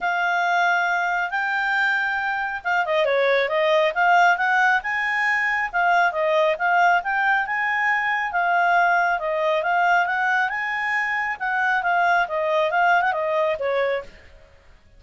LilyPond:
\new Staff \with { instrumentName = "clarinet" } { \time 4/4 \tempo 4 = 137 f''2. g''4~ | g''2 f''8 dis''8 cis''4 | dis''4 f''4 fis''4 gis''4~ | gis''4 f''4 dis''4 f''4 |
g''4 gis''2 f''4~ | f''4 dis''4 f''4 fis''4 | gis''2 fis''4 f''4 | dis''4 f''8. fis''16 dis''4 cis''4 | }